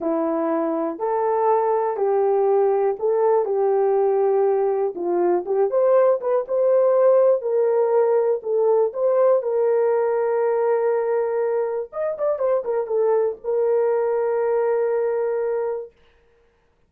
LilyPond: \new Staff \with { instrumentName = "horn" } { \time 4/4 \tempo 4 = 121 e'2 a'2 | g'2 a'4 g'4~ | g'2 f'4 g'8 c''8~ | c''8 b'8 c''2 ais'4~ |
ais'4 a'4 c''4 ais'4~ | ais'1 | dis''8 d''8 c''8 ais'8 a'4 ais'4~ | ais'1 | }